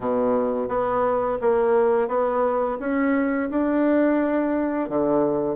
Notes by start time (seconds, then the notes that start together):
0.00 B2
0.68 B3
1.41 A#3
2.08 B3
2.79 C#4
3.50 D4
4.89 D3